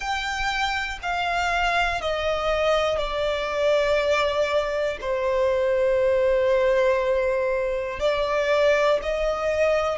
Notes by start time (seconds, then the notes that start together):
0.00 G5
1.02 F5
2.01 D#5
2.98 D5
5.00 C5
8.00 D5
9.02 D#5